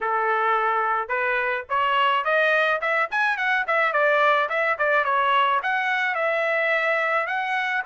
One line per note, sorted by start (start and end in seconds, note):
0.00 1.08 A4
1.08 1.64 B4
1.69 2.24 C#5
2.24 2.80 D#5
2.81 3.09 E5
3.10 3.37 G#5
3.37 3.65 F#5
3.67 3.93 E5
3.93 4.49 D5
4.49 4.77 E5
4.78 5.04 D5
5.04 5.60 C#5
5.63 6.15 F#5
6.15 7.26 E5
7.26 7.82 F#5